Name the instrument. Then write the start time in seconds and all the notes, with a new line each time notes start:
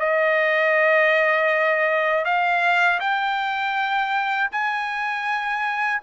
trumpet
0.00 D#5
2.25 F5
3.00 G5
4.52 G#5